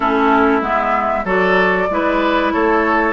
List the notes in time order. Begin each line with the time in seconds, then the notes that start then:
0.00 A3 C#4 E4 A4
0.61 G#3 B3 E5
1.24 F#3 F#4 A4 D5
1.90 G#3 E4 B4
2.52 A3 A4 C#5